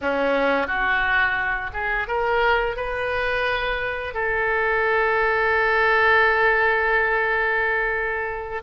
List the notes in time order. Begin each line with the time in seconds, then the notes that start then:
0.01 C#4
0.67 F#4
1.73 G#4
2.07 A#4
2.76 B4
4.14 A4